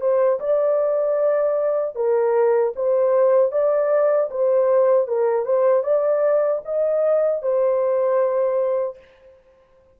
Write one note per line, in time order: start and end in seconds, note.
0.00 0.39 C5
0.39 1.95 D5
1.95 2.73 A#4
2.75 3.51 C5
3.51 4.29 D5
4.30 5.07 C5
5.07 5.45 A#4
5.45 5.83 C5
5.83 6.61 D5
6.64 7.42 D#5
7.42 8.98 C5